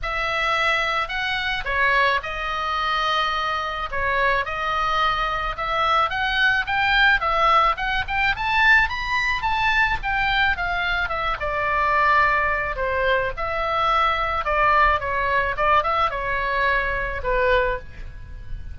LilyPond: \new Staff \with { instrumentName = "oboe" } { \time 4/4 \tempo 4 = 108 e''2 fis''4 cis''4 | dis''2. cis''4 | dis''2 e''4 fis''4 | g''4 e''4 fis''8 g''8 a''4 |
b''4 a''4 g''4 f''4 | e''8 d''2~ d''8 c''4 | e''2 d''4 cis''4 | d''8 e''8 cis''2 b'4 | }